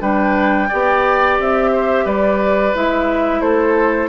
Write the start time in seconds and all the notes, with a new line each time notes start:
0.00 G3 D4 B4 G5
0.68 B3 G4 D5
1.39 C4 E5
1.72 C5
2.05 G3 B4 D5
2.74 G#3 E4 E5
3.40 A3 A4 C5